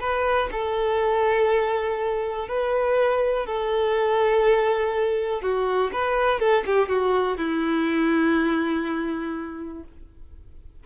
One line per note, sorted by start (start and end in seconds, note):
0.00 0.49 B4
0.52 2.48 A4
2.48 3.46 B4
3.46 5.41 A4
5.41 5.91 F#4
5.92 6.39 B4
6.39 6.64 A4
6.66 6.88 G4
6.88 7.37 F#4
7.37 9.83 E4